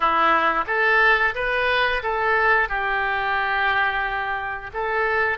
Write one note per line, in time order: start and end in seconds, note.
0.00 0.64 E4
0.66 1.34 A4
1.35 2.02 B4
2.03 2.68 A4
2.68 4.70 G4
4.73 5.37 A4